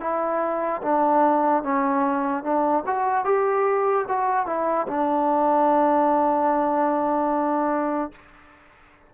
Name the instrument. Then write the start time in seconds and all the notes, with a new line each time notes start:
trombone
0.00 E4
0.82 D4
1.63 C#4
2.43 D4
2.86 F#4
3.24 G4
4.08 F#4
4.46 E4
4.87 D4